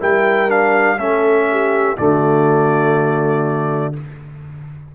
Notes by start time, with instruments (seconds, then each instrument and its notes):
0.00 tuba G3, trombone E4, horn A#4, trumpet G5
0.48 trombone D4, trumpet F5
0.97 tuba A3, trombone C#4, horn A4, trumpet E5
1.51 horn G4
1.97 tuba D3, trombone A3, horn F#4, trumpet D5